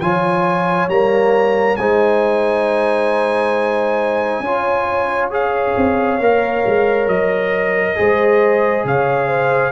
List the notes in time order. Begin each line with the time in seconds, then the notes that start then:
0.00 F3 F4 C#5 G#5
0.88 G3 A#3 A#5
1.76 G#3 D#4 C5 G#5
4.40 C#4 F4 C#5
5.30 G#4 F5
5.76 C4
6.20 A#3 A#4
6.66 G#3
7.07 F#3 D#5
7.96 G#3 G#4 C5
8.84 C#3 C#5 F5
9.27 C5